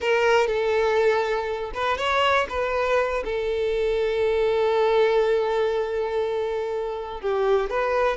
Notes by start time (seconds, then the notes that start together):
0.00 A#4
0.47 A4
1.74 B4
1.97 C#5
2.49 B4
3.24 A4
7.20 G4
7.69 B4